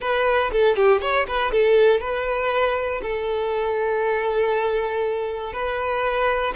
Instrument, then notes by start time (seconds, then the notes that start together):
violin
0.00 B4
0.52 A4
0.76 G4
1.01 C#5
1.27 B4
1.51 A4
2.00 B4
3.02 A4
5.53 B4